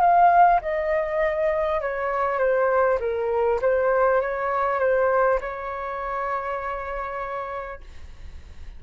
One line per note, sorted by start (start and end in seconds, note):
0.00 0.60 F5
0.61 1.81 D#5
1.81 2.38 C#5
2.38 2.98 C5
2.99 3.59 A#4
3.61 4.21 C5
4.21 4.79 C#5
4.79 5.39 C5
5.40 7.80 C#5